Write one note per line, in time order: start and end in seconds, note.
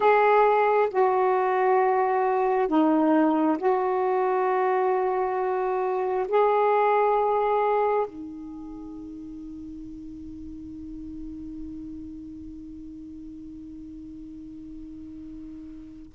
0.00 0.89 G#4
0.90 2.68 F#4
2.68 3.57 D#4
3.58 6.26 F#4
6.28 8.06 G#4
8.06 16.12 D#4